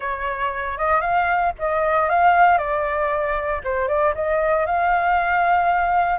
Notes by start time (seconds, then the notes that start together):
0.00 C#5
0.78 D#5
1.00 F5
1.58 D#5
2.09 F5
2.57 D5
3.63 C5
3.88 D5
4.14 D#5
4.66 F5